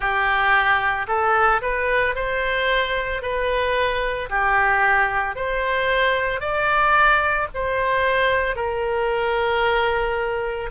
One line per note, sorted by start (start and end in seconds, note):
0.00 1.06 G4
1.07 1.61 A4
1.61 2.15 B4
2.15 3.21 C5
3.21 4.29 B4
4.29 5.35 G4
5.35 6.40 C5
6.40 7.47 D5
7.54 8.55 C5
8.55 10.69 A#4